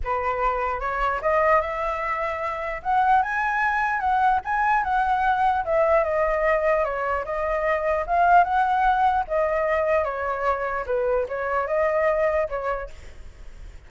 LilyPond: \new Staff \with { instrumentName = "flute" } { \time 4/4 \tempo 4 = 149 b'2 cis''4 dis''4 | e''2. fis''4 | gis''2 fis''4 gis''4 | fis''2 e''4 dis''4~ |
dis''4 cis''4 dis''2 | f''4 fis''2 dis''4~ | dis''4 cis''2 b'4 | cis''4 dis''2 cis''4 | }